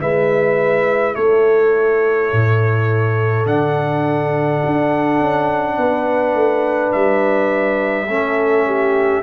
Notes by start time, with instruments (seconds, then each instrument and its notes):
0.00 tuba G#3, trombone E4, horn B4, trumpet E5
1.15 tuba A3, horn A4, trumpet C#5
2.32 tuba A2
3.45 tuba D3, trombone D4, trumpet F#5
4.66 tuba D4
5.20 tuba C#4
5.77 tuba B3, horn B4
6.34 tuba A3
6.92 tuba G3, trumpet E5
8.07 tuba A3, trombone C#4, horn A4
8.66 horn G4